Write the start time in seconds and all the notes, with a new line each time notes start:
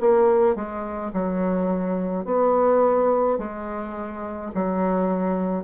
0.00 A#3
0.55 G#3
1.13 F#3
2.25 B3
3.38 G#3
4.54 F#3